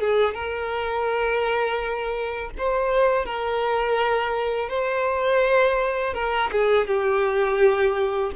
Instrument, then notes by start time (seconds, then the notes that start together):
violin
0.00 G#4
0.34 A#4
2.58 C5
3.26 A#4
4.69 C5
6.14 A#4
6.52 G#4
6.87 G4